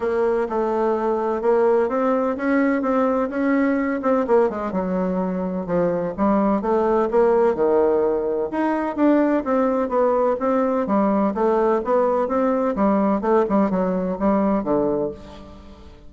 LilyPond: \new Staff \with { instrumentName = "bassoon" } { \time 4/4 \tempo 4 = 127 ais4 a2 ais4 | c'4 cis'4 c'4 cis'4~ | cis'8 c'8 ais8 gis8 fis2 | f4 g4 a4 ais4 |
dis2 dis'4 d'4 | c'4 b4 c'4 g4 | a4 b4 c'4 g4 | a8 g8 fis4 g4 d4 | }